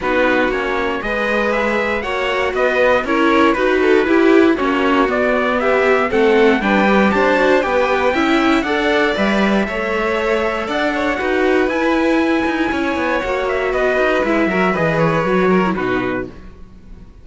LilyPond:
<<
  \new Staff \with { instrumentName = "trumpet" } { \time 4/4 \tempo 4 = 118 b'4 cis''4 dis''4 e''4 | fis''4 dis''4 cis''4 b'4~ | b'4 cis''4 d''4 e''4 | fis''4 g''4 a''4 g''4~ |
g''4 fis''4 e''2~ | e''4 fis''2 gis''4~ | gis''2 fis''8 e''8 dis''4 | e''4 dis''8 cis''4. b'4 | }
  \new Staff \with { instrumentName = "violin" } { \time 4/4 fis'2 b'2 | cis''4 b'4 ais'4 b'8 a'8 | g'4 fis'2 g'4 | a'4 b'4 c''4 b'4 |
e''4 d''2 cis''4~ | cis''4 d''8 cis''8 b'2~ | b'4 cis''2 b'4~ | b'8 ais'8 b'4. ais'8 fis'4 | }
  \new Staff \with { instrumentName = "viola" } { \time 4/4 dis'4 cis'4 gis'2 | fis'2 e'4 fis'4 | e'4 cis'4 b2 | c'4 d'8 g'4 fis'8 g'4 |
e'4 a'4 b'4 a'4~ | a'2 fis'4 e'4~ | e'2 fis'2 | e'8 fis'8 gis'4 fis'8. e'16 dis'4 | }
  \new Staff \with { instrumentName = "cello" } { \time 4/4 b4 ais4 gis2 | ais4 b4 cis'4 dis'4 | e'4 ais4 b2 | a4 g4 d'4 b4 |
cis'4 d'4 g4 a4~ | a4 d'4 dis'4 e'4~ | e'8 dis'8 cis'8 b8 ais4 b8 dis'8 | gis8 fis8 e4 fis4 b,4 | }
>>